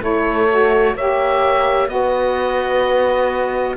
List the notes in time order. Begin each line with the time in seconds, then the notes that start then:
0.00 A3 E4 A4 C#5
0.49 F#4
0.94 A#3 G4 C#5 E5
1.88 B3 F#4 B4 D#5